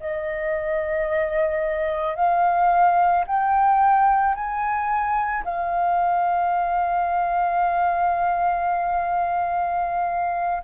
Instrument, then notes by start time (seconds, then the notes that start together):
flute
0.00 D#5
2.16 F5
3.27 G5
4.35 G#5
5.44 F5